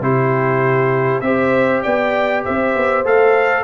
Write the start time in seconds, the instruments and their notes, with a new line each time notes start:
0.00 tuba C3, trombone E4, horn G4, trumpet C5
1.20 tuba C4, trombone G4, horn C5, trumpet E5
1.82 tuba B3, horn D5, trumpet G5
2.43 tuba C4, horn C5, trumpet E5
2.75 tuba B3
3.04 tuba A3, trombone A4, trumpet F5